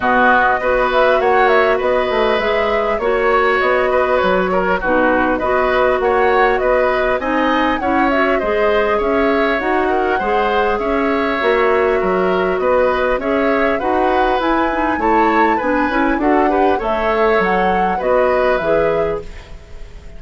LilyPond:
<<
  \new Staff \with { instrumentName = "flute" } { \time 4/4 \tempo 4 = 100 dis''4. e''8 fis''8 e''8 dis''4 | e''4 cis''4 dis''4 cis''4 | b'4 dis''4 fis''4 dis''4 | gis''4 fis''8 e''8 dis''4 e''4 |
fis''2 e''2~ | e''4 dis''4 e''4 fis''4 | gis''4 a''4 gis''4 fis''4 | e''4 fis''4 dis''4 e''4 | }
  \new Staff \with { instrumentName = "oboe" } { \time 4/4 fis'4 b'4 cis''4 b'4~ | b'4 cis''4. b'4 ais'8 | fis'4 b'4 cis''4 b'4 | dis''4 cis''4 c''4 cis''4~ |
cis''8 ais'8 c''4 cis''2 | ais'4 b'4 cis''4 b'4~ | b'4 cis''4 b'4 a'8 b'8 | cis''2 b'2 | }
  \new Staff \with { instrumentName = "clarinet" } { \time 4/4 b4 fis'2. | gis'4 fis'2. | dis'4 fis'2. | dis'4 e'8 fis'8 gis'2 |
fis'4 gis'2 fis'4~ | fis'2 gis'4 fis'4 | e'8 dis'8 e'4 d'8 e'8 fis'8 g'8 | a'2 fis'4 gis'4 | }
  \new Staff \with { instrumentName = "bassoon" } { \time 4/4 b,4 b4 ais4 b8 a8 | gis4 ais4 b4 fis4 | b,4 b4 ais4 b4 | c'4 cis'4 gis4 cis'4 |
dis'4 gis4 cis'4 ais4 | fis4 b4 cis'4 dis'4 | e'4 a4 b8 cis'8 d'4 | a4 fis4 b4 e4 | }
>>